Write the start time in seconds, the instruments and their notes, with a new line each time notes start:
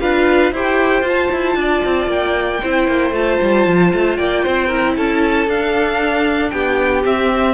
0.00 cello D4, viola F4, violin B4 F5
0.52 cello E4, viola G4, violin C5 G5
1.02 cello F4, viola F4, violin A5
1.32 cello E4
1.55 cello D4, violin D5
1.85 cello C4
2.07 cello A#3, violin G5
2.61 cello C4, viola E4, violin C5
2.88 cello A#3
3.11 cello A3, viola F4, violin A5
3.41 cello G3
3.67 cello F3
3.93 cello A3
4.16 cello A#3, violin D5 G5
4.43 cello C4, violin C5
4.67 viola E4, violin A#4
4.96 cello C#4, violin A4 A5
5.47 cello D4, viola D4, violin F5
6.50 cello B3, violin G4 G5
7.04 viola C4, cello C4, violin E5